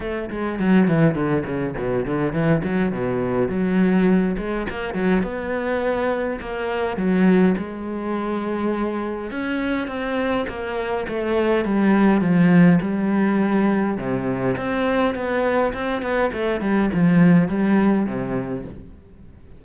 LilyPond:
\new Staff \with { instrumentName = "cello" } { \time 4/4 \tempo 4 = 103 a8 gis8 fis8 e8 d8 cis8 b,8 d8 | e8 fis8 b,4 fis4. gis8 | ais8 fis8 b2 ais4 | fis4 gis2. |
cis'4 c'4 ais4 a4 | g4 f4 g2 | c4 c'4 b4 c'8 b8 | a8 g8 f4 g4 c4 | }